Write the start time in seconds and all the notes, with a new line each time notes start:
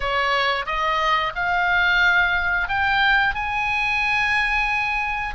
0.00 C#5
0.66 D#5
1.35 F5
2.68 G5
3.34 G#5